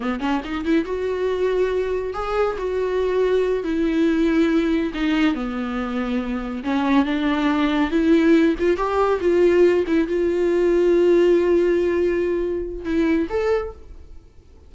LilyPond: \new Staff \with { instrumentName = "viola" } { \time 4/4 \tempo 4 = 140 b8 cis'8 dis'8 e'8 fis'2~ | fis'4 gis'4 fis'2~ | fis'8 e'2. dis'8~ | dis'8 b2. cis'8~ |
cis'8 d'2 e'4. | f'8 g'4 f'4. e'8 f'8~ | f'1~ | f'2 e'4 a'4 | }